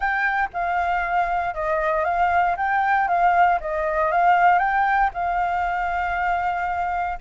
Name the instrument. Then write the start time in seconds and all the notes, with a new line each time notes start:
flute
0.00 G5
0.53 F5
1.54 D#5
2.04 F5
2.56 G5
3.07 F5
3.60 D#5
4.11 F5
4.58 G5
5.13 F5